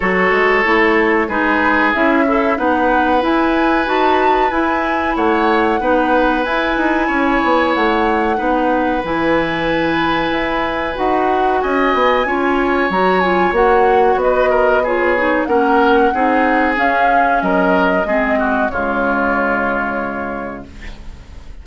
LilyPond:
<<
  \new Staff \with { instrumentName = "flute" } { \time 4/4 \tempo 4 = 93 cis''2 b'4 e''4 | fis''4 gis''4 a''4 gis''4 | fis''2 gis''2 | fis''2 gis''2~ |
gis''4 fis''4 gis''2 | ais''8 gis''8 fis''4 dis''4 cis''4 | fis''2 f''4 dis''4~ | dis''4 cis''2. | }
  \new Staff \with { instrumentName = "oboe" } { \time 4/4 a'2 gis'4. e'8 | b'1 | cis''4 b'2 cis''4~ | cis''4 b'2.~ |
b'2 dis''4 cis''4~ | cis''2 b'8 ais'8 gis'4 | ais'4 gis'2 ais'4 | gis'8 fis'8 f'2. | }
  \new Staff \with { instrumentName = "clarinet" } { \time 4/4 fis'4 e'4 dis'4 e'8 a'8 | dis'4 e'4 fis'4 e'4~ | e'4 dis'4 e'2~ | e'4 dis'4 e'2~ |
e'4 fis'2 f'4 | fis'8 f'8 fis'2 f'8 dis'8 | cis'4 dis'4 cis'2 | c'4 gis2. | }
  \new Staff \with { instrumentName = "bassoon" } { \time 4/4 fis8 gis8 a4 gis4 cis'4 | b4 e'4 dis'4 e'4 | a4 b4 e'8 dis'8 cis'8 b8 | a4 b4 e2 |
e'4 dis'4 cis'8 b8 cis'4 | fis4 ais4 b2 | ais4 c'4 cis'4 fis4 | gis4 cis2. | }
>>